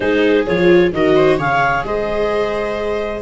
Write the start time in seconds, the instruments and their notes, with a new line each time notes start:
0.00 tuba G#3, viola D#4 G#4, clarinet C5
0.46 tuba F3, viola F4, clarinet C#5
0.92 tuba D#3, viola F#4 A#4, clarinet D#5
1.15 viola C5
1.37 tuba C#3, viola G#4 C#5, clarinet F5
1.84 tuba G#3, viola C5, clarinet D#5